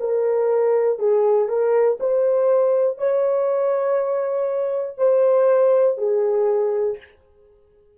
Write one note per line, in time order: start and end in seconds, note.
0.00 0.98 A#4
0.98 1.48 G#4
1.48 1.98 A#4
2.00 2.98 C5
2.98 4.97 C#5
4.97 5.97 C5
5.98 6.98 G#4